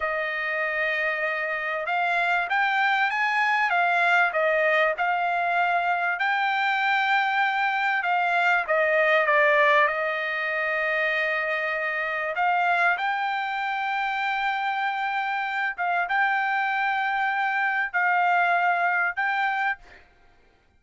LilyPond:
\new Staff \with { instrumentName = "trumpet" } { \time 4/4 \tempo 4 = 97 dis''2. f''4 | g''4 gis''4 f''4 dis''4 | f''2 g''2~ | g''4 f''4 dis''4 d''4 |
dis''1 | f''4 g''2.~ | g''4. f''8 g''2~ | g''4 f''2 g''4 | }